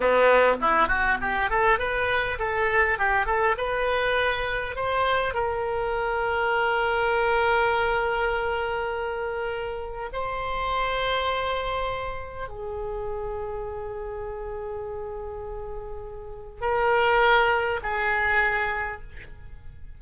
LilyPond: \new Staff \with { instrumentName = "oboe" } { \time 4/4 \tempo 4 = 101 b4 e'8 fis'8 g'8 a'8 b'4 | a'4 g'8 a'8 b'2 | c''4 ais'2.~ | ais'1~ |
ais'4 c''2.~ | c''4 gis'2.~ | gis'1 | ais'2 gis'2 | }